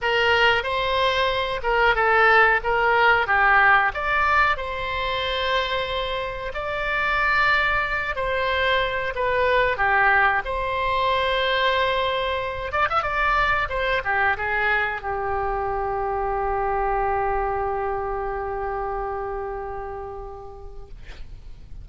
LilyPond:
\new Staff \with { instrumentName = "oboe" } { \time 4/4 \tempo 4 = 92 ais'4 c''4. ais'8 a'4 | ais'4 g'4 d''4 c''4~ | c''2 d''2~ | d''8 c''4. b'4 g'4 |
c''2.~ c''8 d''16 e''16 | d''4 c''8 g'8 gis'4 g'4~ | g'1~ | g'1 | }